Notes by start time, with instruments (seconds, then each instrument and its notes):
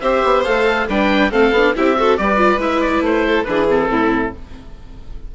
0.00 bassoon C4, viola G4, violin C5, oboe E5
0.24 bassoon B3
0.43 bassoon A3, viola A4, oboe F5
0.88 bassoon G3, viola D4, violin B4, oboe G5
1.30 bassoon A3, viola C4, violin A4, oboe F5
1.51 bassoon B3, viola D4
1.75 bassoon C4, viola E4, violin G4, oboe E5
1.97 viola F#4, violin A4
2.17 bassoon G3, viola G4, violin B4, oboe D5
2.36 viola F4
2.57 bassoon G#3, viola E4, oboe E5
2.81 oboe D5
3.00 bassoon A3, oboe C5
3.25 violin A4
3.43 bassoon E3, viola D4, violin G#4, oboe B4
3.68 viola C4, oboe A4
3.90 bassoon A2, violin E4